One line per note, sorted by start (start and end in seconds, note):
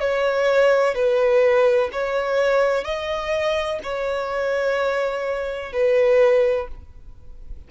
0.00 0.94 C#5
0.94 1.90 B4
1.92 2.84 C#5
2.84 3.79 D#5
3.83 5.72 C#5
5.72 6.68 B4